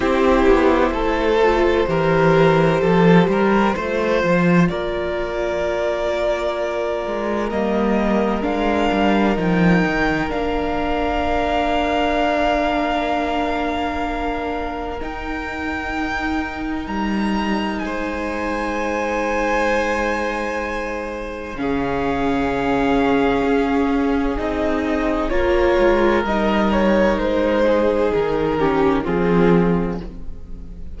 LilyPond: <<
  \new Staff \with { instrumentName = "violin" } { \time 4/4 \tempo 4 = 64 c''1~ | c''4 d''2. | dis''4 f''4 g''4 f''4~ | f''1 |
g''2 ais''4 gis''4~ | gis''2. f''4~ | f''2 dis''4 cis''4 | dis''8 cis''8 c''4 ais'4 gis'4 | }
  \new Staff \with { instrumentName = "violin" } { \time 4/4 g'4 a'4 ais'4 a'8 ais'8 | c''4 ais'2.~ | ais'1~ | ais'1~ |
ais'2. c''4~ | c''2. gis'4~ | gis'2. ais'4~ | ais'4. gis'4 g'8 f'4 | }
  \new Staff \with { instrumentName = "viola" } { \time 4/4 e'4. f'8 g'2 | f'1 | ais4 d'4 dis'4 d'4~ | d'1 |
dis'1~ | dis'2. cis'4~ | cis'2 dis'4 f'4 | dis'2~ dis'8 cis'8 c'4 | }
  \new Staff \with { instrumentName = "cello" } { \time 4/4 c'8 b8 a4 e4 f8 g8 | a8 f8 ais2~ ais8 gis8 | g4 gis8 g8 f8 dis8 ais4~ | ais1 |
dis'2 g4 gis4~ | gis2. cis4~ | cis4 cis'4 c'4 ais8 gis8 | g4 gis4 dis4 f4 | }
>>